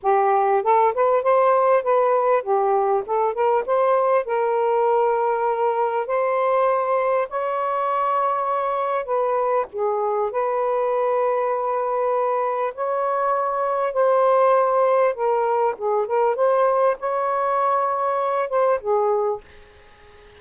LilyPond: \new Staff \with { instrumentName = "saxophone" } { \time 4/4 \tempo 4 = 99 g'4 a'8 b'8 c''4 b'4 | g'4 a'8 ais'8 c''4 ais'4~ | ais'2 c''2 | cis''2. b'4 |
gis'4 b'2.~ | b'4 cis''2 c''4~ | c''4 ais'4 gis'8 ais'8 c''4 | cis''2~ cis''8 c''8 gis'4 | }